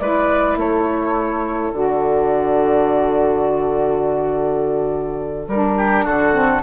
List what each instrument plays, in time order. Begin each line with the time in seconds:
0.00 bassoon G#3, saxophone E4, oboe B4, flute D5
0.56 bassoon A3, oboe A4, flute C#5
1.73 bassoon D3, saxophone F#4, flute D5
5.48 bassoon G3, saxophone D4, flute A#4
5.77 oboe G4
6.05 bassoon D3, oboe F#4, flute A4
6.33 saxophone C4